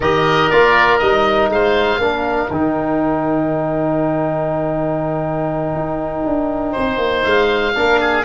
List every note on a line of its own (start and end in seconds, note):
0.00 0.50 D#3
0.00 0.52 G4
0.00 1.50 A#4
0.00 0.50 D#5
0.50 1.01 A#3
0.50 1.01 F4
0.50 0.98 D5
0.98 1.49 G3
0.98 2.00 D#4
0.98 1.48 D#5
1.49 1.97 G#3
1.49 2.00 C5
1.49 2.51 F5
1.97 2.48 A#3
1.97 2.50 D4
1.97 6.72 A#4
2.50 5.74 D#3
2.50 7.74 D#4
2.50 7.24 G5
5.74 6.24 D#4
6.25 6.75 D4
6.72 6.97 C4
6.72 7.72 C5
6.97 7.22 A#3
7.24 7.75 G#3
7.24 8.24 F5
7.74 8.24 A#3
7.74 8.24 D4
7.74 8.00 A#4
8.00 8.24 G#4